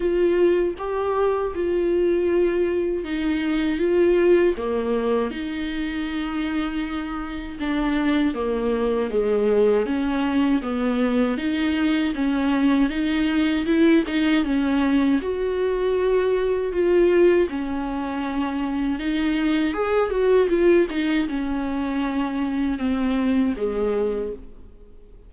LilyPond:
\new Staff \with { instrumentName = "viola" } { \time 4/4 \tempo 4 = 79 f'4 g'4 f'2 | dis'4 f'4 ais4 dis'4~ | dis'2 d'4 ais4 | gis4 cis'4 b4 dis'4 |
cis'4 dis'4 e'8 dis'8 cis'4 | fis'2 f'4 cis'4~ | cis'4 dis'4 gis'8 fis'8 f'8 dis'8 | cis'2 c'4 gis4 | }